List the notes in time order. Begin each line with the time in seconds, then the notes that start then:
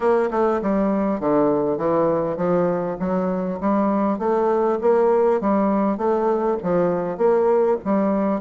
0.00 A#3
0.31 A3
0.62 G3
1.19 D3
1.77 E3
2.36 F3
2.99 F#3
3.60 G3
4.18 A3
4.81 A#3
5.41 G3
5.97 A3
6.62 F3
7.17 A#3
7.84 G3